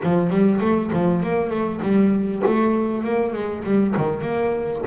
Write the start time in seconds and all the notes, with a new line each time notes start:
0.03 F3
0.29 G3
0.60 A3
0.93 F3
1.22 A#3
1.50 A3
1.82 G3
2.46 A3
3.03 A#3
3.33 G#3
3.64 G3
3.97 D#3
4.21 A#3